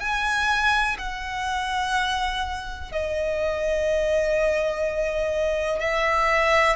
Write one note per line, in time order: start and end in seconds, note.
0.00 0.97 G#5
0.99 2.92 F#5
2.92 5.80 D#5
5.80 6.77 E5